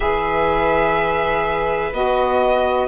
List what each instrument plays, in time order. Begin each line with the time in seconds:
0.00 bassoon E3, saxophone G#4, viola B4, violin E5
1.92 bassoon B3, saxophone F#4, violin D#5